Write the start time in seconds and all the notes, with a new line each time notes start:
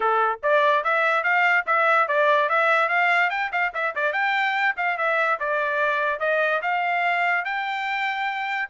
0.00 A4
0.43 D5
0.84 E5
1.23 F5
1.66 E5
2.07 D5
2.49 E5
2.88 F5
3.30 G5
3.52 F5
3.74 E5
3.95 D5
4.13 G5
4.77 F5
4.97 E5
5.39 D5
6.19 D#5
6.62 F5
7.44 G5